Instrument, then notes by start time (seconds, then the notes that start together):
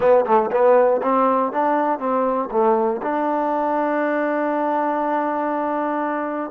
trombone
0.00 B3
0.25 A3
0.51 B3
1.02 C4
1.52 D4
1.99 C4
2.51 A3
3.02 D4